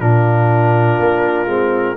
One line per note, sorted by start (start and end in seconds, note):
0.00 0.99 A#2
0.00 1.47 D4
0.00 1.97 F4
0.00 1.97 A#4
0.99 1.46 A#3
1.46 1.95 G#3
1.46 1.96 C4